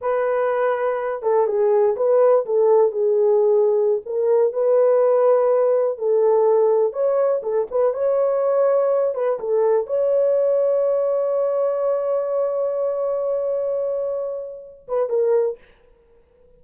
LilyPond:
\new Staff \with { instrumentName = "horn" } { \time 4/4 \tempo 4 = 123 b'2~ b'8 a'8 gis'4 | b'4 a'4 gis'2~ | gis'16 ais'4 b'2~ b'8.~ | b'16 a'2 cis''4 a'8 b'16~ |
b'16 cis''2~ cis''8 b'8 a'8.~ | a'16 cis''2.~ cis''8.~ | cis''1~ | cis''2~ cis''8 b'8 ais'4 | }